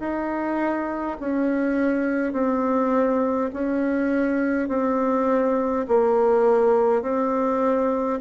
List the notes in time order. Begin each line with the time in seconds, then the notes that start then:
0.00 D#4
1.20 C#4
2.33 C4
3.53 C#4
4.68 C4
5.88 A#3
7.02 C4